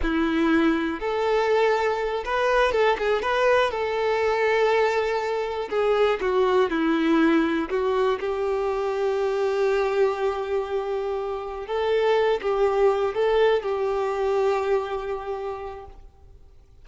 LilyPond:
\new Staff \with { instrumentName = "violin" } { \time 4/4 \tempo 4 = 121 e'2 a'2~ | a'8 b'4 a'8 gis'8 b'4 a'8~ | a'2.~ a'8 gis'8~ | gis'8 fis'4 e'2 fis'8~ |
fis'8 g'2.~ g'8~ | g'2.~ g'8 a'8~ | a'4 g'4. a'4 g'8~ | g'1 | }